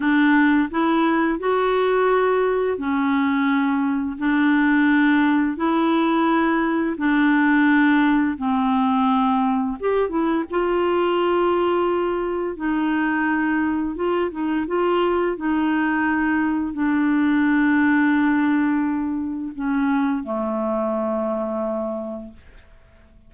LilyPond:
\new Staff \with { instrumentName = "clarinet" } { \time 4/4 \tempo 4 = 86 d'4 e'4 fis'2 | cis'2 d'2 | e'2 d'2 | c'2 g'8 e'8 f'4~ |
f'2 dis'2 | f'8 dis'8 f'4 dis'2 | d'1 | cis'4 a2. | }